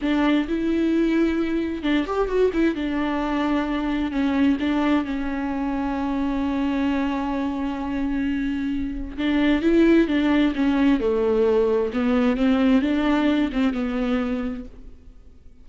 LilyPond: \new Staff \with { instrumentName = "viola" } { \time 4/4 \tempo 4 = 131 d'4 e'2. | d'8 g'8 fis'8 e'8 d'2~ | d'4 cis'4 d'4 cis'4~ | cis'1~ |
cis'1 | d'4 e'4 d'4 cis'4 | a2 b4 c'4 | d'4. c'8 b2 | }